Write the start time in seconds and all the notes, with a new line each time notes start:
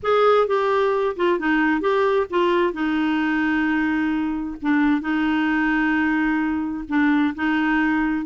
0.02 G#4
0.47 G4
1.16 F4
1.39 D#4
1.80 G4
2.30 F4
2.73 D#4
4.62 D4
5.01 D#4
6.88 D4
7.35 D#4